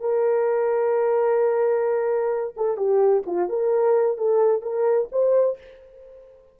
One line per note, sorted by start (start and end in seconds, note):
0.00 2.54 A#4
2.56 2.77 A4
2.77 3.23 G4
3.26 3.49 F4
3.49 4.17 A#4
4.17 4.62 A4
4.62 5.08 A#4
5.12 5.58 C5